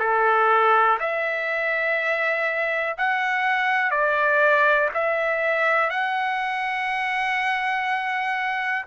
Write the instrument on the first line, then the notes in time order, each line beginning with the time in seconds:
trumpet
0.00 A4
1.00 E5
2.98 F#5
3.91 D5
4.94 E5
5.91 F#5